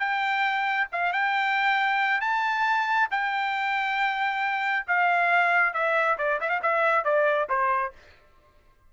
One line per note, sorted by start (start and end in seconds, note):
0.00 0.88 G5
0.92 1.13 F5
1.13 2.21 G5
2.21 3.09 A5
3.11 4.86 G5
4.87 5.74 F5
5.74 6.18 E5
6.18 6.40 D5
6.41 6.50 E5
6.50 6.61 F5
6.63 7.05 E5
7.05 7.49 D5
7.49 7.93 C5